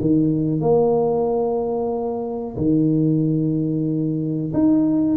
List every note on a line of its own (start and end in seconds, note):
0.00 0.60 D#3
0.60 2.56 A#3
2.56 4.52 D#3
4.53 5.17 D#4